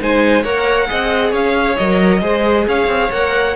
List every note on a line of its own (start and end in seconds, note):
0.00 0.45 G#3
0.00 0.44 D#4
0.00 0.43 C5
0.00 0.44 G#5
0.43 0.89 A#3
0.43 0.88 A#4
0.43 0.88 C#5
0.43 1.33 F#5
0.88 1.33 C4
0.88 1.77 G#4
0.88 1.32 D#5
1.32 1.77 C#4
1.32 2.21 C#5
1.32 1.77 F5
1.77 2.22 F#3
1.77 2.22 A#4
1.77 2.66 D#5
2.22 2.67 G#3
2.22 3.11 G#4
2.22 2.67 C5
2.68 2.87 C#4
2.68 3.57 C#5
2.68 3.12 F5
2.87 3.09 C4
3.12 3.57 A#3
3.12 3.57 A#4
3.12 3.57 F#5